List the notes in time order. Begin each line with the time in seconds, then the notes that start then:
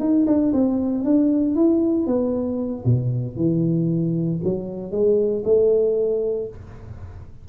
0.00 D#4
0.27 D4
0.53 C4
1.05 D4
1.55 E4
2.07 B3
2.85 B2
3.36 E3
4.44 F#3
4.92 G#3
5.45 A3